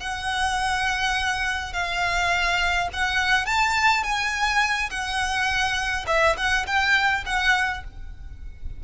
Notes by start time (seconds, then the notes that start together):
0.00 F#5
1.73 F5
2.93 F#5
3.46 A5
4.04 G#5
4.90 F#5
6.08 E5
6.37 F#5
6.67 G5
7.26 F#5